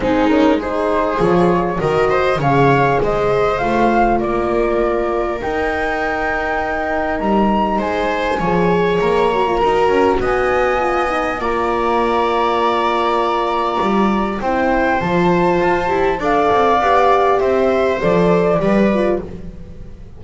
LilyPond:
<<
  \new Staff \with { instrumentName = "flute" } { \time 4/4 \tempo 4 = 100 gis'8 ais'8 c''4 cis''4 dis''4 | f''4 dis''4 f''4 d''4~ | d''4 g''2. | ais''4 gis''2 ais''4~ |
ais''4 gis''2 ais''4~ | ais''1 | g''4 a''2 f''4~ | f''4 e''4 d''2 | }
  \new Staff \with { instrumentName = "viola" } { \time 4/4 dis'4 gis'2 ais'8 c''8 | cis''4 c''2 ais'4~ | ais'1~ | ais'4 c''4 cis''2 |
ais'4 dis''2 d''4~ | d''1 | c''2. d''4~ | d''4 c''2 b'4 | }
  \new Staff \with { instrumentName = "horn" } { \time 4/4 c'8 cis'8 dis'4 f'4 fis'4 | gis'2 f'2~ | f'4 dis'2.~ | dis'2 gis'4. fis'16 f'16 |
fis'2 f'8 dis'8 f'4~ | f'1 | e'4 f'4. g'8 a'4 | g'2 a'4 g'8 f'8 | }
  \new Staff \with { instrumentName = "double bass" } { \time 4/4 gis2 f4 dis4 | cis4 gis4 a4 ais4~ | ais4 dis'2. | g4 gis4 f4 ais4 |
dis'8 cis'8 b2 ais4~ | ais2. g4 | c'4 f4 f'8 e'8 d'8 c'8 | b4 c'4 f4 g4 | }
>>